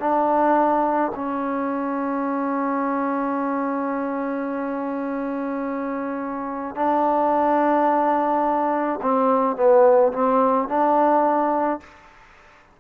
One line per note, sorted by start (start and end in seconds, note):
0.00 1.12 D4
1.15 6.76 C#4
6.76 9.00 D4
9.02 9.57 C4
9.57 10.13 B3
10.13 10.68 C4
10.68 11.81 D4